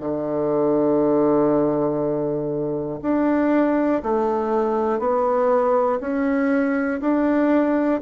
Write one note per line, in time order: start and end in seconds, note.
0.00 3.00 D3
3.02 4.02 D4
4.03 5.00 A3
5.00 6.00 B3
6.00 7.00 C#4
7.01 8.01 D4